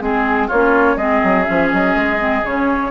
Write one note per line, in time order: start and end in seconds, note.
0.00 0.49 G#3
0.00 0.50 C4
0.00 0.48 G#4
0.48 0.96 A#3
0.48 0.96 F4
0.48 0.98 C#5
0.54 0.99 C#4
0.96 1.21 G#3
0.96 1.45 C4
0.96 2.91 G#4
0.96 1.44 D#5
1.23 1.48 F#3
1.44 1.73 F3
1.44 2.18 C#4
1.44 1.68 E5
1.73 1.95 F#3
1.73 2.45 D#5
1.95 2.43 G#3
2.19 2.43 C4
2.43 2.91 C#3
2.43 2.91 C#4
2.43 2.91 C#5